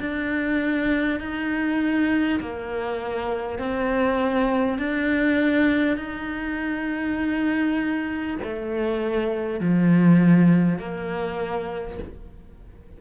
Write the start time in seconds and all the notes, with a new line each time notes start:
0.00 D4
1.20 D#4
2.40 A#3
3.59 C4
4.78 D4
5.97 D#4
8.43 A3
9.60 F3
10.79 A#3